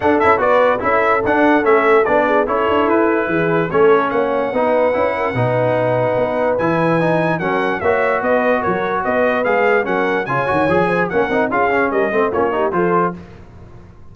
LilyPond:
<<
  \new Staff \with { instrumentName = "trumpet" } { \time 4/4 \tempo 4 = 146 fis''8 e''8 d''4 e''4 fis''4 | e''4 d''4 cis''4 b'4~ | b'4 cis''4 fis''2~ | fis''1 |
gis''2 fis''4 e''4 | dis''4 cis''4 dis''4 f''4 | fis''4 gis''2 fis''4 | f''4 dis''4 cis''4 c''4 | }
  \new Staff \with { instrumentName = "horn" } { \time 4/4 a'4 b'4 a'2~ | a'4. gis'8 a'2 | gis'4 a'4 cis''4 b'4~ | b'8 ais'8 b'2.~ |
b'2 ais'4 cis''4 | b'4 ais'4 b'2 | ais'4 cis''4. c''8 ais'4 | gis'4 ais'8 c''8 f'8 g'8 a'4 | }
  \new Staff \with { instrumentName = "trombone" } { \time 4/4 d'8 e'8 fis'4 e'4 d'4 | cis'4 d'4 e'2~ | e'4 cis'2 dis'4 | e'4 dis'2. |
e'4 dis'4 cis'4 fis'4~ | fis'2. gis'4 | cis'4 f'8 fis'8 gis'4 cis'8 dis'8 | f'8 cis'4 c'8 cis'8 dis'8 f'4 | }
  \new Staff \with { instrumentName = "tuba" } { \time 4/4 d'8 cis'8 b4 cis'4 d'4 | a4 b4 cis'8 d'8 e'4 | e4 a4 ais4 b4 | cis'4 b,2 b4 |
e2 fis4 ais4 | b4 fis4 b4 gis4 | fis4 cis8 dis8 f4 ais8 c'8 | cis'4 g8 a8 ais4 f4 | }
>>